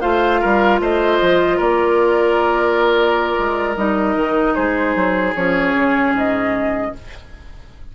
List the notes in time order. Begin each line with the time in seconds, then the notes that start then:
0.00 A3 F4 C5 F5
0.40 G3 A#4
0.79 A3 C5 D#5
1.21 F3
1.57 A#3 A#4 D5
3.38 G#3
3.75 G3 D#4 D#5
4.15 D#3
4.54 G#3 G#4 C5
4.95 F#3
5.35 F3 C#4 C#5
5.74 C#3
6.13 G#2 D#5